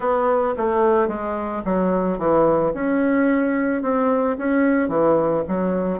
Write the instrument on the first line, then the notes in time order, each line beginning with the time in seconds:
bassoon
0.00 B3
0.57 A3
1.08 G#3
1.64 F#3
2.18 E3
2.74 C#4
3.82 C4
4.38 C#4
4.88 E3
5.47 F#3